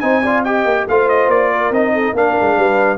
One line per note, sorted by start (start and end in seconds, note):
0.00 0.65 C4
0.00 0.22 D#4
0.00 0.22 C5
0.00 0.43 G#5
0.22 0.46 F4
0.22 0.44 D5
0.44 0.88 G4
0.44 0.86 D#5
0.44 0.87 G5
0.65 0.86 A#3
0.88 1.28 A3
0.88 1.74 F4
0.88 1.53 C5
0.88 1.09 F5
1.09 1.30 D#5
1.28 1.70 A#3
1.28 1.73 D5
1.53 1.94 A#4
1.70 2.13 C4
1.70 2.16 D#4
1.70 2.16 D#5
1.94 2.15 A4
2.13 2.34 A#3
2.13 2.98 D4
2.13 2.57 A#4
2.13 2.98 F5
2.41 2.57 G#3
2.57 2.98 G3
2.57 2.98 B4